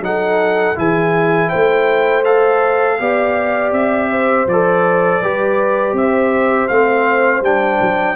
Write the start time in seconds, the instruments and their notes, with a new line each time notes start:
0.00 tuba F#3, trombone D#4, horn A4, trumpet F#5
0.75 tuba E3, trombone E4, horn G#4, trumpet G#5
1.49 tuba A3, horn C5, trumpet G5
2.25 trombone A4, trumpet F5
2.99 tuba B3, trombone G4, horn D5
3.72 tuba C4, trumpet E5
4.11 horn C5
4.47 tuba F3, trombone A4, trumpet D5
5.21 tuba G3, trombone G4, horn B4
5.93 tuba C4, trumpet E5
6.00 horn C5
6.68 tuba A3, trombone C4, trumpet F5
7.41 tuba G3, trombone D4, trumpet G5
7.81 tuba F#3